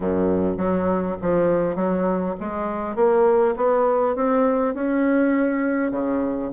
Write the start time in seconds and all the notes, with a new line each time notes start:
0.00 F#2
0.57 F#3
1.21 F3
1.75 F#3
2.40 G#3
2.95 A#3
3.56 B3
4.15 C4
4.74 C#4
5.91 C#3